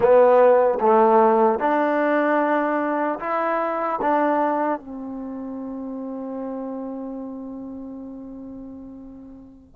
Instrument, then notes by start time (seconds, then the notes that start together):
trombone
0.00 B3
0.80 A3
1.59 D4
3.19 E4
4.01 D4
4.79 C4